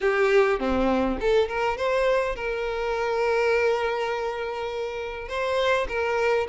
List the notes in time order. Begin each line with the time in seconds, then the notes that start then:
0.01 G4
0.59 C4
1.20 A4
1.48 A#4
1.77 C5
2.35 A#4
5.28 C5
5.88 A#4